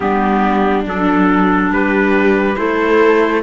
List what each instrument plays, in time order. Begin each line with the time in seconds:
0.00 cello G3, clarinet B3, viola D4, trumpet G4
0.85 cello F#3, clarinet D4, trumpet A4
1.70 cello G3, viola G4, trumpet B4
2.55 cello A3, clarinet E4, viola A4, trumpet C5